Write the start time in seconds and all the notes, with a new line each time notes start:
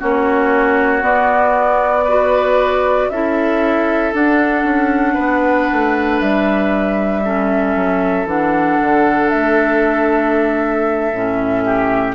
0.00 A#3 C#4 F#4 C#5
1.01 B3 D5
2.05 F#4 B4
3.10 C#4 E4 A4 E5
4.13 D4 F#5
4.64 C#4
5.14 B3 B4
5.73 A3
6.20 G3 E5
7.24 C#4 A4
7.76 F#3
8.25 E3 D4 F#5
8.81 D3
9.30 A3 E5
11.13 A2 C#4
11.65 G4